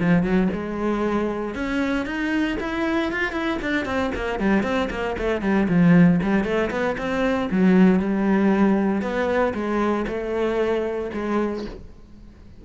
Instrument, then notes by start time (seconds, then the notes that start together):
cello
0.00 F3
0.24 F#3
0.54 G#3
1.55 C#4
2.06 D#4
2.61 E4
3.12 F4
3.33 E4
3.62 D4
3.86 C4
4.15 A#3
4.40 G3
4.63 C4
4.91 A#3
5.19 A3
5.42 G3
5.69 F3
6.23 G3
6.45 A3
6.71 B3
6.98 C4
7.52 F#3
8.00 G3
9.02 B3
9.55 G#3
10.08 A3
11.14 G#3